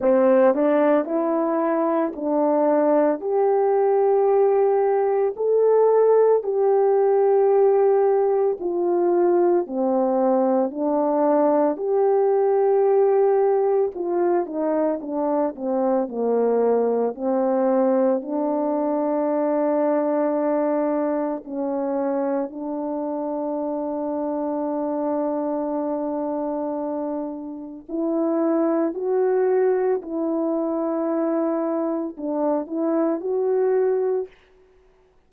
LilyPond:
\new Staff \with { instrumentName = "horn" } { \time 4/4 \tempo 4 = 56 c'8 d'8 e'4 d'4 g'4~ | g'4 a'4 g'2 | f'4 c'4 d'4 g'4~ | g'4 f'8 dis'8 d'8 c'8 ais4 |
c'4 d'2. | cis'4 d'2.~ | d'2 e'4 fis'4 | e'2 d'8 e'8 fis'4 | }